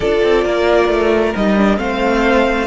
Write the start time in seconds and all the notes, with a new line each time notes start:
0.00 D4 F4 A4 D5
0.23 C4
0.44 A#3 A#4
0.88 A3
1.35 G3 D#4 D#5
1.56 D4
1.77 A3 C4 C5 F5